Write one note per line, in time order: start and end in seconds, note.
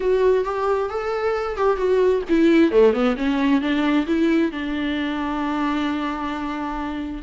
0.00 0.44 F#4
0.44 0.89 G4
0.89 1.56 A4
1.56 1.77 G4
1.77 2.22 F#4
2.29 2.71 E4
2.71 2.93 A3
2.93 3.15 B3
3.16 3.61 C#4
3.61 4.06 D4
4.06 4.51 E4
4.51 7.22 D4